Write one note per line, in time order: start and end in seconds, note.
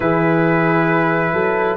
0.00 1.32 E3
0.00 1.76 E4
0.00 1.33 G#4
0.00 1.76 B4
1.32 1.76 F#3
1.32 1.76 A4